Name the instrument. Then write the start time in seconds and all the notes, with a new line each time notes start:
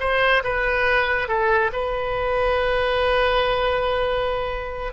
oboe
0.00 C5
0.44 B4
1.28 A4
1.73 B4